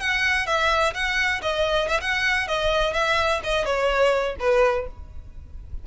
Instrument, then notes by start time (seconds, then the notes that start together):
violin
0.00 F#5
0.46 E5
0.94 F#5
1.42 D#5
1.89 E5
2.01 F#5
2.48 D#5
2.94 E5
3.44 D#5
3.65 C#5
4.40 B4